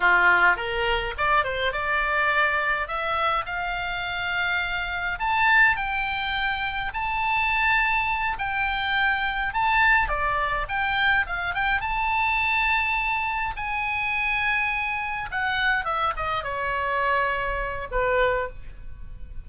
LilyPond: \new Staff \with { instrumentName = "oboe" } { \time 4/4 \tempo 4 = 104 f'4 ais'4 d''8 c''8 d''4~ | d''4 e''4 f''2~ | f''4 a''4 g''2 | a''2~ a''8 g''4.~ |
g''8 a''4 d''4 g''4 f''8 | g''8 a''2. gis''8~ | gis''2~ gis''8 fis''4 e''8 | dis''8 cis''2~ cis''8 b'4 | }